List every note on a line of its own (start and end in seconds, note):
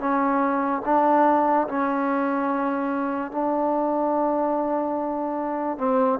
0.00 0.82 C#4
0.86 1.68 D4
1.68 3.32 C#4
3.32 5.78 D4
5.78 6.19 C4